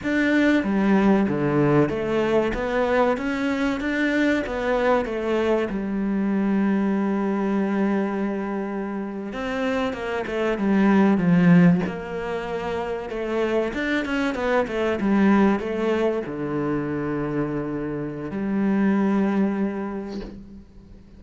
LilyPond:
\new Staff \with { instrumentName = "cello" } { \time 4/4 \tempo 4 = 95 d'4 g4 d4 a4 | b4 cis'4 d'4 b4 | a4 g2.~ | g2~ g8. c'4 ais16~ |
ais16 a8 g4 f4 ais4~ ais16~ | ais8. a4 d'8 cis'8 b8 a8 g16~ | g8. a4 d2~ d16~ | d4 g2. | }